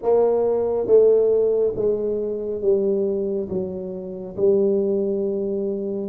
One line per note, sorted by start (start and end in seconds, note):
0.02 0.87 A#3
0.87 1.74 A3
1.75 2.61 G#3
2.61 3.48 G3
3.49 4.36 F#3
4.36 6.09 G3